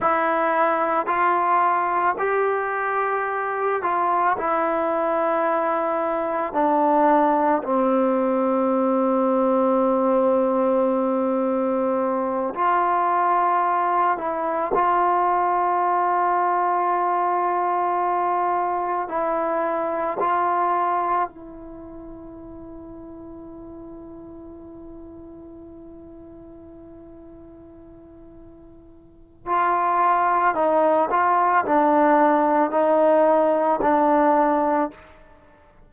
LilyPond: \new Staff \with { instrumentName = "trombone" } { \time 4/4 \tempo 4 = 55 e'4 f'4 g'4. f'8 | e'2 d'4 c'4~ | c'2.~ c'8 f'8~ | f'4 e'8 f'2~ f'8~ |
f'4. e'4 f'4 e'8~ | e'1~ | e'2. f'4 | dis'8 f'8 d'4 dis'4 d'4 | }